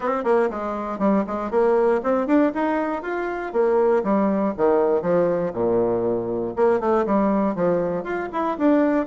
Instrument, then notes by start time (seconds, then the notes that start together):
bassoon
0.00 C4
0.24 A#3
0.50 G#3
0.98 G3
1.27 G#3
1.50 A#3
2.03 C4
2.27 D4
2.54 D#4
3.02 F4
3.52 A#3
4.03 G3
4.57 D#3
5.02 F3
5.53 A#2
6.55 A#3
6.80 A3
7.06 G3
7.55 F3
8.03 F4
8.32 E4
8.58 D4